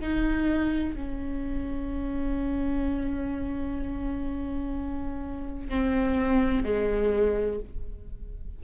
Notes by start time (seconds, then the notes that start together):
0.00 D#4
0.96 C#4
5.69 C4
6.64 G#3